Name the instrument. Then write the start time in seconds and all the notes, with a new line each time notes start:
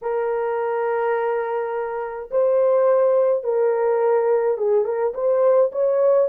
horn
0.01 A#4
2.31 C5
3.43 A#4
4.57 G#4
4.84 A#4
5.14 C5
5.72 C#5